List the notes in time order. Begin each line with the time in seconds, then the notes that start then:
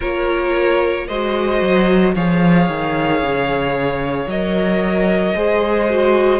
0.00 A#3 F4 A#4 C#5
1.07 G#3 F#4 C5 D#5
1.61 F#3
2.15 F3 G#4 C#5 F5
2.69 D#3
3.22 C#3
4.26 F#3 A#4 D#5
5.35 G#3 G#4 C5
5.90 F#4